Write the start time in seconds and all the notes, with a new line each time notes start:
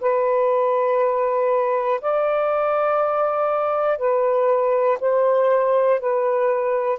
0.00 B4
2.00 D5
3.98 B4
5.00 C5
6.00 B4